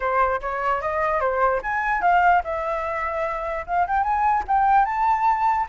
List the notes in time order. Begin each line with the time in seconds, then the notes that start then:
0.00 C5
0.41 C#5
0.81 D#5
1.20 C5
1.62 G#5
2.01 F5
2.44 E5
3.66 F5
3.87 G5
4.03 G#5
4.47 G5
4.85 A5